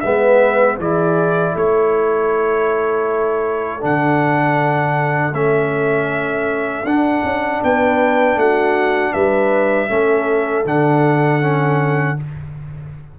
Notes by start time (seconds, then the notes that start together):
0.00 G#3 B3 B4 E5
0.78 E3 E4 G#4 D5
1.52 A3 A4 C#5
3.81 D3 D4 F#5
5.33 A3 C#4 E5
6.84 D4 F#5
7.24 C#4
7.63 B3 B4 G5
8.36 A3 F#4 F#5
9.12 G3 B4 E5
9.89 A3 C#4 A4
10.65 D3 D4 F#5
11.41 C#4